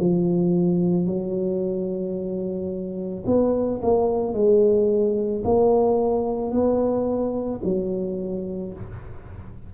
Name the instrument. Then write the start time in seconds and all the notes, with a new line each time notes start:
tuba
0.00 F3
1.07 F#3
3.27 B3
3.83 A#3
4.34 G#3
5.44 A#3
6.52 B3
7.64 F#3